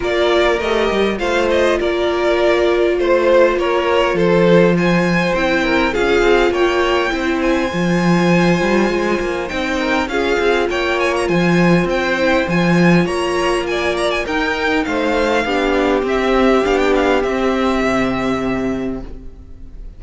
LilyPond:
<<
  \new Staff \with { instrumentName = "violin" } { \time 4/4 \tempo 4 = 101 d''4 dis''4 f''8 dis''8 d''4~ | d''4 c''4 cis''4 c''4 | gis''4 g''4 f''4 g''4~ | g''8 gis''2.~ gis''8 |
g''4 f''4 g''8 gis''16 ais''16 gis''4 | g''4 gis''4 ais''4 gis''8 ais''16 gis''16 | g''4 f''2 e''4 | f''16 g''16 f''8 e''2. | }
  \new Staff \with { instrumentName = "violin" } { \time 4/4 ais'2 c''4 ais'4~ | ais'4 c''4 ais'4 a'4 | c''4. ais'8 gis'4 cis''4 | c''1~ |
c''8 ais'8 gis'4 cis''4 c''4~ | c''2 cis''4 d''4 | ais'4 c''4 g'2~ | g'1 | }
  \new Staff \with { instrumentName = "viola" } { \time 4/4 f'4 g'4 f'2~ | f'1~ | f'4 e'4 f'2 | e'4 f'2. |
dis'4 f'2.~ | f'8 e'8 f'2. | dis'2 d'4 c'4 | d'4 c'2. | }
  \new Staff \with { instrumentName = "cello" } { \time 4/4 ais4 a8 g8 a4 ais4~ | ais4 a4 ais4 f4~ | f4 c'4 cis'8 c'8 ais4 | c'4 f4. g8 gis8 ais8 |
c'4 cis'8 c'8 ais4 f4 | c'4 f4 ais2 | dis'4 a4 b4 c'4 | b4 c'4 c2 | }
>>